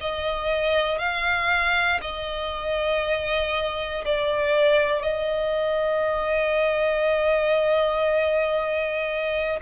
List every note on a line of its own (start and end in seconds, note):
0.00 0.98 D#5
0.98 2.00 F5
2.01 4.04 D#5
4.04 5.02 D5
5.02 9.59 D#5